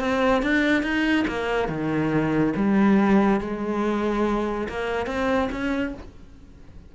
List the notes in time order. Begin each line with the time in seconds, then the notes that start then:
0.00 C4
0.43 D4
0.83 D#4
1.28 A#3
1.69 D#3
2.56 G3
3.41 G#3
4.69 A#3
5.07 C4
5.52 C#4